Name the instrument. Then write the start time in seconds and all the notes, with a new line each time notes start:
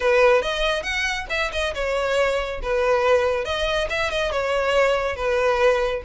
violin
0.00 B4
0.42 D#5
0.82 F#5
1.29 E5
1.52 D#5
1.74 C#5
2.62 B4
3.44 D#5
3.89 E5
4.10 D#5
4.31 C#5
5.16 B4